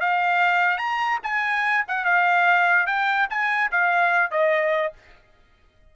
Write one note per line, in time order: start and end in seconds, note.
0.00 0.78 F5
0.78 1.19 A#5
1.23 1.85 G#5
1.88 2.04 F#5
2.04 2.86 F5
2.86 3.27 G5
3.29 3.70 G#5
3.71 4.31 F5
4.31 4.93 D#5